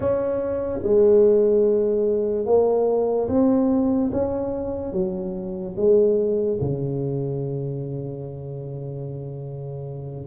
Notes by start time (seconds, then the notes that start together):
0.00 C#4
0.83 G#3
2.45 A#3
3.28 C4
4.11 C#4
4.92 F#3
5.76 G#3
6.60 C#3